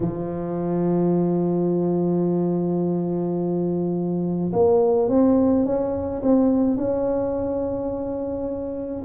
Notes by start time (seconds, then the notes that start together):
0.00 F3
4.52 A#3
5.08 C4
5.65 C#4
6.22 C4
6.76 C#4